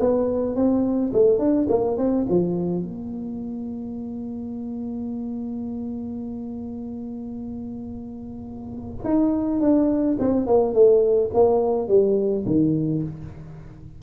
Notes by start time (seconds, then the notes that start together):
0.00 B3
0.55 C4
1.13 A3
1.39 D4
1.69 A#3
1.98 C4
2.29 F3
2.83 A#3
9.04 D#4
9.60 D4
10.19 C4
10.46 A#3
10.73 A3
11.33 A#3
11.88 G3
12.46 D#3